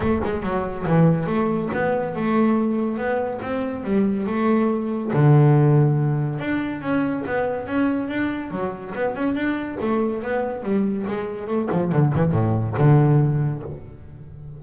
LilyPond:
\new Staff \with { instrumentName = "double bass" } { \time 4/4 \tempo 4 = 141 a8 gis8 fis4 e4 a4 | b4 a2 b4 | c'4 g4 a2 | d2. d'4 |
cis'4 b4 cis'4 d'4 | fis4 b8 cis'8 d'4 a4 | b4 g4 gis4 a8 f8 | d8 e8 a,4 d2 | }